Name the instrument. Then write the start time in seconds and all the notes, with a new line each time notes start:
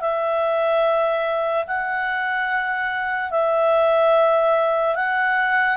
clarinet
0.00 E5
1.67 F#5
3.31 E5
4.95 F#5